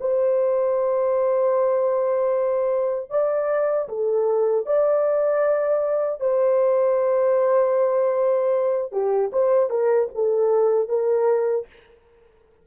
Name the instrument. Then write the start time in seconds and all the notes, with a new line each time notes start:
horn
0.00 C5
3.10 D5
3.88 A4
4.66 D5
6.20 C5
8.92 G4
9.33 C5
9.70 A#4
10.14 A4
10.88 A#4